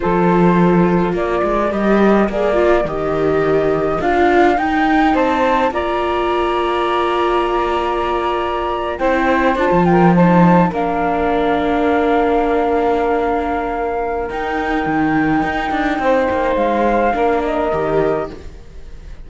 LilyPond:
<<
  \new Staff \with { instrumentName = "flute" } { \time 4/4 \tempo 4 = 105 c''2 d''4 dis''4 | d''4 dis''2 f''4 | g''4 a''4 ais''2~ | ais''2.~ ais''8. g''16~ |
g''8. a''8 g''8 a''4 f''4~ f''16~ | f''1~ | f''4 g''2.~ | g''4 f''4. dis''4. | }
  \new Staff \with { instrumentName = "saxophone" } { \time 4/4 a'2 ais'2~ | ais'1~ | ais'4 c''4 d''2~ | d''2.~ d''8. c''16~ |
c''4~ c''16 ais'8 c''4 ais'4~ ais'16~ | ais'1~ | ais'1 | c''2 ais'2 | }
  \new Staff \with { instrumentName = "viola" } { \time 4/4 f'2. g'4 | gis'8 f'8 g'2 f'4 | dis'2 f'2~ | f'2.~ f'8. e'16~ |
e'8. f'4 dis'4 d'4~ d'16~ | d'1~ | d'4 dis'2.~ | dis'2 d'4 g'4 | }
  \new Staff \with { instrumentName = "cello" } { \time 4/4 f2 ais8 gis8 g4 | ais4 dis2 d'4 | dis'4 c'4 ais2~ | ais2.~ ais8. c'16~ |
c'8. d'16 f4.~ f16 ais4~ ais16~ | ais1~ | ais4 dis'4 dis4 dis'8 d'8 | c'8 ais8 gis4 ais4 dis4 | }
>>